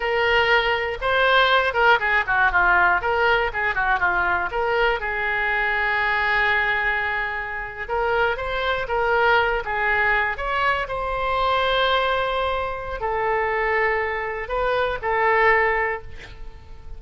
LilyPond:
\new Staff \with { instrumentName = "oboe" } { \time 4/4 \tempo 4 = 120 ais'2 c''4. ais'8 | gis'8 fis'8 f'4 ais'4 gis'8 fis'8 | f'4 ais'4 gis'2~ | gis'2.~ gis'8. ais'16~ |
ais'8. c''4 ais'4. gis'8.~ | gis'8. cis''4 c''2~ c''16~ | c''2 a'2~ | a'4 b'4 a'2 | }